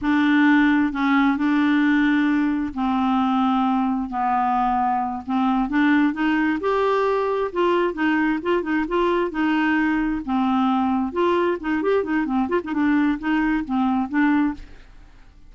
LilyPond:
\new Staff \with { instrumentName = "clarinet" } { \time 4/4 \tempo 4 = 132 d'2 cis'4 d'4~ | d'2 c'2~ | c'4 b2~ b8 c'8~ | c'8 d'4 dis'4 g'4.~ |
g'8 f'4 dis'4 f'8 dis'8 f'8~ | f'8 dis'2 c'4.~ | c'8 f'4 dis'8 g'8 dis'8 c'8 f'16 dis'16 | d'4 dis'4 c'4 d'4 | }